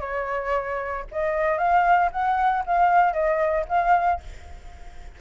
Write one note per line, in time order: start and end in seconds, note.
0.00 1.04 C#5
1.12 1.58 D#5
1.58 2.10 F5
2.12 2.64 F#5
2.66 3.13 F5
3.13 3.65 D#5
3.68 4.20 F5